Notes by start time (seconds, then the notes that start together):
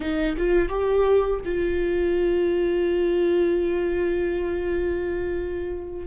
0.00 D#4
0.37 F4
0.68 G4
1.44 F4